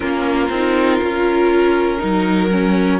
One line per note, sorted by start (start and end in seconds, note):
0.00 0.49 A#3
0.00 0.50 C#4
0.00 1.97 F4
0.00 2.99 A#4
0.49 0.99 C4
0.49 1.02 D#4
1.01 2.01 C#4
1.01 1.98 F4
1.98 3.00 F#3
1.98 2.48 D#4
1.98 2.99 A#4
2.51 3.00 C#4